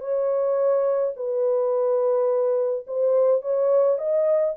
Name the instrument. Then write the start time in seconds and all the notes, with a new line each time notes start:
horn
0.00 C#5
1.16 B4
2.87 C5
3.41 C#5
3.98 D#5